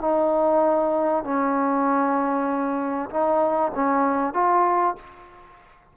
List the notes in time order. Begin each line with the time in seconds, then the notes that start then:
0.00 D#4
1.24 C#4
3.10 D#4
3.74 C#4
4.34 F4